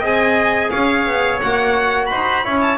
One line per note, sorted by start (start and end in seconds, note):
0.00 0.70 C4
0.00 1.41 G#4
0.00 0.69 D#5
0.00 0.70 G#5
0.70 1.06 C#4
0.70 2.09 C#5
0.70 1.39 F5
1.06 1.41 B3
1.41 2.11 A#3
1.41 2.44 F#4
1.41 2.06 F#5
2.06 2.45 D#4
2.06 2.44 C5
2.06 2.57 B5
2.44 2.78 C#4
2.44 2.78 E4
2.44 2.78 C#5
2.61 2.78 A5